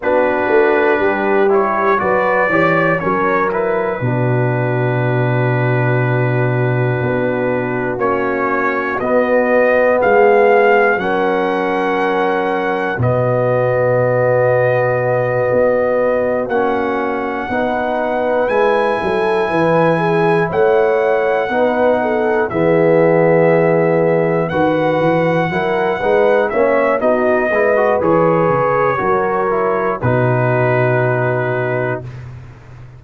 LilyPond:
<<
  \new Staff \with { instrumentName = "trumpet" } { \time 4/4 \tempo 4 = 60 b'4. cis''8 d''4 cis''8 b'8~ | b'1 | cis''4 dis''4 f''4 fis''4~ | fis''4 dis''2.~ |
dis''8 fis''2 gis''4.~ | gis''8 fis''2 e''4.~ | e''8 fis''2 e''8 dis''4 | cis''2 b'2 | }
  \new Staff \with { instrumentName = "horn" } { \time 4/4 fis'4 g'4 b'8 cis''8 ais'4 | fis'1~ | fis'2 gis'4 ais'4~ | ais'4 fis'2.~ |
fis'4. b'4. a'8 b'8 | gis'8 cis''4 b'8 a'8 gis'4.~ | gis'8 b'4 ais'8 b'8 cis''8 fis'8 b'8~ | b'4 ais'4 fis'2 | }
  \new Staff \with { instrumentName = "trombone" } { \time 4/4 d'4. e'8 fis'8 g'8 cis'8 e'8 | d'1 | cis'4 b2 cis'4~ | cis'4 b2.~ |
b8 cis'4 dis'4 e'4.~ | e'4. dis'4 b4.~ | b8 fis'4 e'8 dis'8 cis'8 dis'8 e'16 fis'16 | gis'4 fis'8 e'8 dis'2 | }
  \new Staff \with { instrumentName = "tuba" } { \time 4/4 b8 a8 g4 fis8 e8 fis4 | b,2. b4 | ais4 b4 gis4 fis4~ | fis4 b,2~ b,8 b8~ |
b8 ais4 b4 gis8 fis8 e8~ | e8 a4 b4 e4.~ | e8 dis8 e8 fis8 gis8 ais8 b8 gis8 | e8 cis8 fis4 b,2 | }
>>